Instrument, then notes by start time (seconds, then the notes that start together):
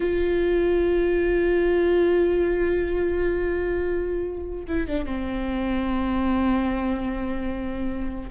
viola
0.00 F4
4.67 E4
4.87 D4
5.05 C4